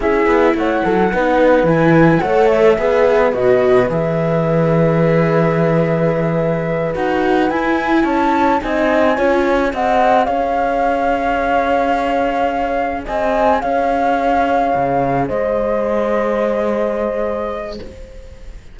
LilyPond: <<
  \new Staff \with { instrumentName = "flute" } { \time 4/4 \tempo 4 = 108 e''4 fis''2 gis''4 | fis''8 e''4. dis''4 e''4~ | e''1~ | e''8 fis''4 gis''4 a''4 gis''8~ |
gis''4. fis''4 f''4.~ | f''2.~ f''8 gis''8~ | gis''8 f''2. dis''8~ | dis''1 | }
  \new Staff \with { instrumentName = "horn" } { \time 4/4 gis'4 cis''8 a'8 b'2 | cis''4 b'2.~ | b'1~ | b'2~ b'8 cis''4 dis''8~ |
dis''8 cis''4 dis''4 cis''4.~ | cis''2.~ cis''8 dis''8~ | dis''8 cis''2. c''8~ | c''1 | }
  \new Staff \with { instrumentName = "viola" } { \time 4/4 e'2 dis'4 e'4 | a'4 gis'4 fis'4 gis'4~ | gis'1~ | gis'8 fis'4 e'2 dis'8~ |
dis'8 f'4 gis'2~ gis'8~ | gis'1~ | gis'1~ | gis'1 | }
  \new Staff \with { instrumentName = "cello" } { \time 4/4 cis'8 b8 a8 fis8 b4 e4 | a4 b4 b,4 e4~ | e1~ | e8 dis'4 e'4 cis'4 c'8~ |
c'8 cis'4 c'4 cis'4.~ | cis'2.~ cis'8 c'8~ | c'8 cis'2 cis4 gis8~ | gis1 | }
>>